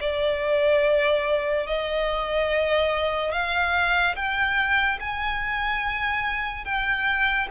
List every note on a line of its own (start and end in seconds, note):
0.00 1.67 D5
1.67 3.32 D#5
3.32 4.15 F5
4.16 4.99 G5
5.00 6.65 G#5
6.65 7.48 G5